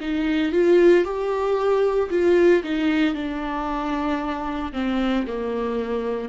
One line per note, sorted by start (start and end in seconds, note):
0.00 0.52 D#4
0.52 1.04 F4
1.04 2.10 G4
2.10 2.63 F4
2.63 3.14 D#4
3.14 4.72 D4
4.73 5.25 C4
5.27 6.29 A#3